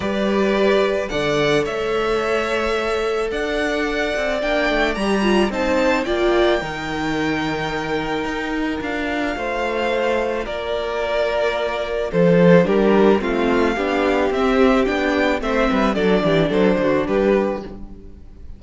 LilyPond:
<<
  \new Staff \with { instrumentName = "violin" } { \time 4/4 \tempo 4 = 109 d''2 fis''4 e''4~ | e''2 fis''2 | g''4 ais''4 a''4 g''4~ | g''1 |
f''2. d''4~ | d''2 c''4 ais'4 | f''2 e''4 g''4 | e''4 d''4 c''4 b'4 | }
  \new Staff \with { instrumentName = "violin" } { \time 4/4 b'2 d''4 cis''4~ | cis''2 d''2~ | d''2 c''4 d''4 | ais'1~ |
ais'4 c''2 ais'4~ | ais'2 a'4 g'4 | f'4 g'2. | c''8 b'8 a'8 g'8 a'8 fis'8 g'4 | }
  \new Staff \with { instrumentName = "viola" } { \time 4/4 g'2 a'2~ | a'1 | d'4 g'8 f'8 dis'4 f'4 | dis'1 |
f'1~ | f'2. d'4 | c'4 d'4 c'4 d'4 | c'4 d'2. | }
  \new Staff \with { instrumentName = "cello" } { \time 4/4 g2 d4 a4~ | a2 d'4. c'8 | ais8 a8 g4 c'4 ais4 | dis2. dis'4 |
d'4 a2 ais4~ | ais2 f4 g4 | a4 b4 c'4 b4 | a8 g8 fis8 e8 fis8 d8 g4 | }
>>